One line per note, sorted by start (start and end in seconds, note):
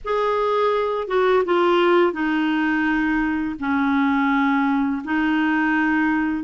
0.04 1.07 G#4
1.07 1.43 F#4
1.45 2.12 F4
2.12 3.55 D#4
3.59 5.02 C#4
5.04 6.44 D#4